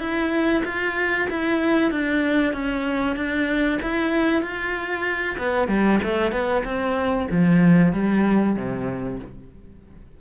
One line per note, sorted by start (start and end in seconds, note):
0.00 0.63 E4
0.65 1.28 F4
1.30 1.92 E4
1.92 2.53 D4
2.53 3.16 C#4
3.16 3.80 D4
3.83 4.42 E4
4.42 5.37 F4
5.39 5.68 B3
5.68 6.00 G3
6.03 6.32 A3
6.32 6.63 B3
6.65 7.28 C4
7.31 7.93 F3
7.93 8.56 G3
8.56 9.20 C3